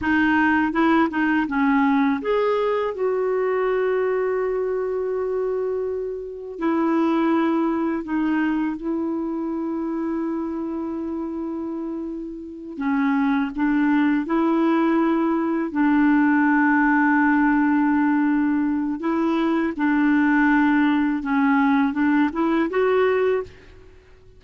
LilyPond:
\new Staff \with { instrumentName = "clarinet" } { \time 4/4 \tempo 4 = 82 dis'4 e'8 dis'8 cis'4 gis'4 | fis'1~ | fis'4 e'2 dis'4 | e'1~ |
e'4. cis'4 d'4 e'8~ | e'4. d'2~ d'8~ | d'2 e'4 d'4~ | d'4 cis'4 d'8 e'8 fis'4 | }